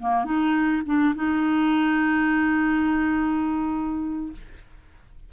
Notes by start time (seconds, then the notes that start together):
0.00 A#3
0.25 D#4
0.86 D4
1.16 D#4